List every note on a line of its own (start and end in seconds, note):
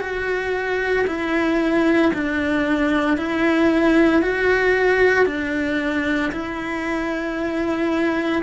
0.00 1.05 F#4
1.07 2.12 E4
2.13 3.17 D4
3.17 4.22 E4
4.22 5.26 F#4
5.26 6.31 D4
6.32 8.43 E4